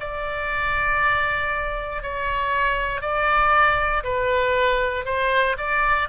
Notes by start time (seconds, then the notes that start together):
0.00 D5
2.02 C#5
3.01 D5
4.04 B4
5.05 C5
5.57 D5